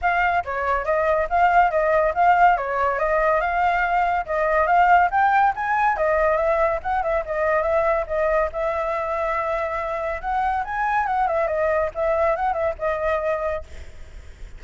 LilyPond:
\new Staff \with { instrumentName = "flute" } { \time 4/4 \tempo 4 = 141 f''4 cis''4 dis''4 f''4 | dis''4 f''4 cis''4 dis''4 | f''2 dis''4 f''4 | g''4 gis''4 dis''4 e''4 |
fis''8 e''8 dis''4 e''4 dis''4 | e''1 | fis''4 gis''4 fis''8 e''8 dis''4 | e''4 fis''8 e''8 dis''2 | }